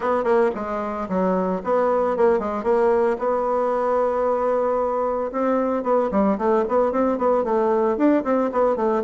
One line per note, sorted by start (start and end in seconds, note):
0.00 0.23 B3
0.23 0.50 A#3
0.54 1.08 G#3
1.08 1.61 F#3
1.64 2.16 B3
2.16 2.39 A#3
2.39 2.63 G#3
2.63 3.16 A#3
3.18 5.31 B3
5.31 5.83 C4
5.83 6.09 B3
6.11 6.37 G3
6.38 6.64 A3
6.68 6.91 B3
6.91 7.18 C4
7.18 7.44 B3
7.44 7.97 A3
7.97 8.23 D4
8.24 8.50 C4
8.51 8.76 B3
8.76 9.02 A3